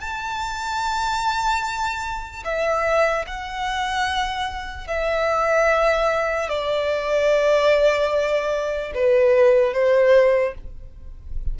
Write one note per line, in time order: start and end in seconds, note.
0.00 2.43 A5
2.44 3.25 E5
3.27 4.88 F#5
4.88 6.49 E5
6.49 8.92 D5
8.94 9.73 B4
9.73 10.54 C5